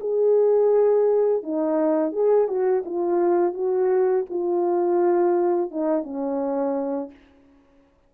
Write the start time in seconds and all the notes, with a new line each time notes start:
0.00 G#4
1.43 D#4
2.12 G#4
2.47 F#4
2.85 F4
3.54 F#4
4.30 F4
5.71 D#4
6.03 C#4